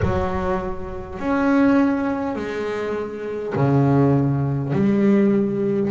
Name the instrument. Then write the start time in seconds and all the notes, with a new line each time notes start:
double bass
0.02 F#3
1.19 C#4
2.35 G#3
3.55 C#3
4.73 G3